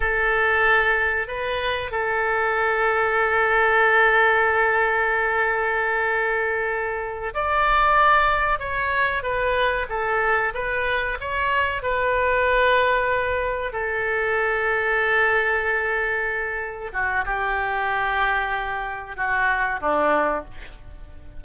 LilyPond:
\new Staff \with { instrumentName = "oboe" } { \time 4/4 \tempo 4 = 94 a'2 b'4 a'4~ | a'1~ | a'2.~ a'8 d''8~ | d''4. cis''4 b'4 a'8~ |
a'8 b'4 cis''4 b'4.~ | b'4. a'2~ a'8~ | a'2~ a'8 fis'8 g'4~ | g'2 fis'4 d'4 | }